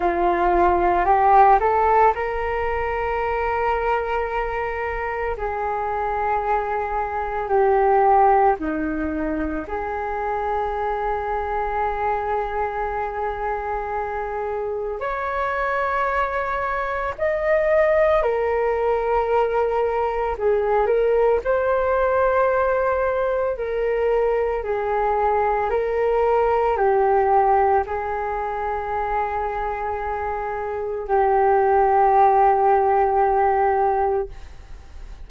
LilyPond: \new Staff \with { instrumentName = "flute" } { \time 4/4 \tempo 4 = 56 f'4 g'8 a'8 ais'2~ | ais'4 gis'2 g'4 | dis'4 gis'2.~ | gis'2 cis''2 |
dis''4 ais'2 gis'8 ais'8 | c''2 ais'4 gis'4 | ais'4 g'4 gis'2~ | gis'4 g'2. | }